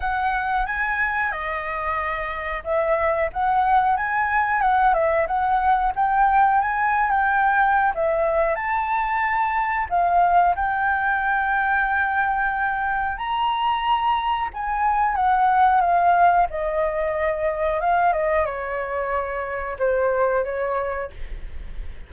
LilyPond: \new Staff \with { instrumentName = "flute" } { \time 4/4 \tempo 4 = 91 fis''4 gis''4 dis''2 | e''4 fis''4 gis''4 fis''8 e''8 | fis''4 g''4 gis''8. g''4~ g''16 | e''4 a''2 f''4 |
g''1 | ais''2 gis''4 fis''4 | f''4 dis''2 f''8 dis''8 | cis''2 c''4 cis''4 | }